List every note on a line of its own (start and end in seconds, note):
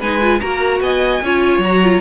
0.00 0.41 G#3
0.00 0.21 D#4
0.00 0.40 B4
0.00 0.41 G#5
0.21 0.41 F4
0.41 0.81 A#3
0.41 1.22 F#4
0.41 0.82 A#4
0.41 0.81 A#5
0.81 1.21 B3
0.81 1.23 D#5
0.81 1.61 G#5
1.21 1.59 C#4
1.21 1.64 F4
1.21 2.01 C#5
1.59 1.99 F#3
1.59 1.83 F#4
1.59 2.01 A#5
1.83 2.01 F4